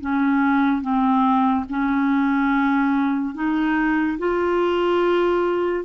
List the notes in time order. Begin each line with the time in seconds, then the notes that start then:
0.00 C#4
0.81 C4
1.69 C#4
3.34 D#4
4.18 F4